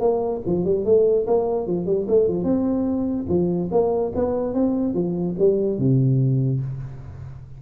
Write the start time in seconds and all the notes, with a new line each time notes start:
0.00 A#3
0.46 F3
0.65 G3
0.85 A3
1.27 A#3
1.67 F3
1.86 G3
2.08 A3
2.28 F3
2.44 C4
3.29 F3
3.71 A#3
4.15 B3
4.54 C4
4.94 F3
5.39 G3
5.78 C3